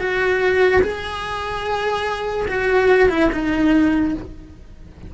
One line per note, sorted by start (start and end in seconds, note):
0.00 0.82 F#4
0.83 2.47 G#4
2.48 3.10 F#4
3.10 3.30 E4
3.33 4.15 D#4